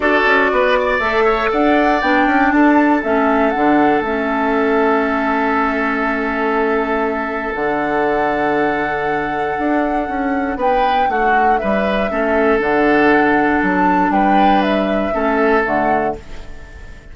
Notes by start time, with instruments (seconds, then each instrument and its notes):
0.00 bassoon D4, clarinet F#4, oboe A4, flute D5
0.25 bassoon C#4
0.52 bassoon B3, oboe B4
0.78 oboe D5
0.99 bassoon A3, clarinet A4, flute E5
1.24 oboe C#5
1.51 bassoon D4, oboe D5, flute F#5
2.01 bassoon B3, clarinet D4, flute G5
2.26 bassoon C#4
2.51 bassoon D4, oboe A4, flute A5
3.02 bassoon A3, clarinet C#4, flute E5
3.50 bassoon D3, clarinet D4, flute F#5
4.00 bassoon A3, clarinet C#4, flute E5
7.54 bassoon D3, clarinet D4, flute F#5
9.59 bassoon D4
10.08 bassoon C#4
10.56 bassoon B3, oboe B4, flute G5
11.09 bassoon A3, oboe F#4, flute F#5
11.57 bassoon G3, oboe B4, flute E5
12.10 bassoon A3, clarinet C#4, oboe A4
12.59 bassoon D3, clarinet D4, flute F#5
13.62 bassoon F#3, flute A5
14.09 bassoon G3, oboe B4, flute G5
14.62 flute E5
15.12 bassoon A3, clarinet C#4, oboe A4
15.64 bassoon D3, clarinet A3, flute F#5